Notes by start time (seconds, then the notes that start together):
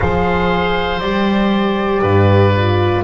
0.00 F3 G#4 C5 F5
0.99 G3 G4 D5
2.01 G2 B4
2.56 F4